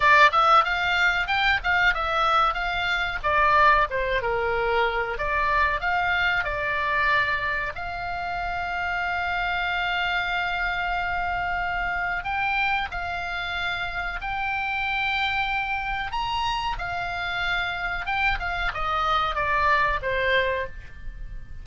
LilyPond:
\new Staff \with { instrumentName = "oboe" } { \time 4/4 \tempo 4 = 93 d''8 e''8 f''4 g''8 f''8 e''4 | f''4 d''4 c''8 ais'4. | d''4 f''4 d''2 | f''1~ |
f''2. g''4 | f''2 g''2~ | g''4 ais''4 f''2 | g''8 f''8 dis''4 d''4 c''4 | }